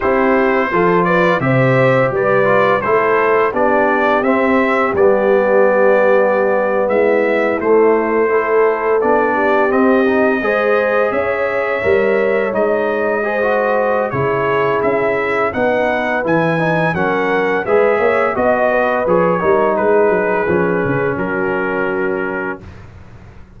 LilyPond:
<<
  \new Staff \with { instrumentName = "trumpet" } { \time 4/4 \tempo 4 = 85 c''4. d''8 e''4 d''4 | c''4 d''4 e''4 d''4~ | d''4.~ d''16 e''4 c''4~ c''16~ | c''8. d''4 dis''2 e''16~ |
e''4.~ e''16 dis''2~ dis''16 | cis''4 e''4 fis''4 gis''4 | fis''4 e''4 dis''4 cis''4 | b'2 ais'2 | }
  \new Staff \with { instrumentName = "horn" } { \time 4/4 g'4 a'8 b'8 c''4 b'4 | a'4 g'2.~ | g'4.~ g'16 e'2 a'16~ | a'4~ a'16 g'4. c''4 cis''16~ |
cis''2~ cis''8. c''4~ c''16 | gis'2 b'2 | ais'4 b'8 cis''8 dis''8 b'4 ais'8 | gis'2 fis'2 | }
  \new Staff \with { instrumentName = "trombone" } { \time 4/4 e'4 f'4 g'4. f'8 | e'4 d'4 c'4 b4~ | b2~ b8. a4 e'16~ | e'8. d'4 c'8 dis'8 gis'4~ gis'16~ |
gis'8. ais'4 dis'4 gis'16 fis'4 | e'2 dis'4 e'8 dis'8 | cis'4 gis'4 fis'4 gis'8 dis'8~ | dis'4 cis'2. | }
  \new Staff \with { instrumentName = "tuba" } { \time 4/4 c'4 f4 c4 g4 | a4 b4 c'4 g4~ | g4.~ g16 gis4 a4~ a16~ | a8. b4 c'4 gis4 cis'16~ |
cis'8. g4 gis2~ gis16 | cis4 cis'4 b4 e4 | fis4 gis8 ais8 b4 f8 g8 | gis8 fis8 f8 cis8 fis2 | }
>>